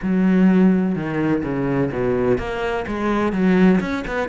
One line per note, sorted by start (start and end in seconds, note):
0.02 0.95 F#3
0.95 1.42 D#3
1.43 1.90 C#3
1.91 2.37 B2
2.37 2.85 A#3
2.87 3.32 G#3
3.32 3.80 F#3
3.80 4.04 C#4
4.07 4.28 B3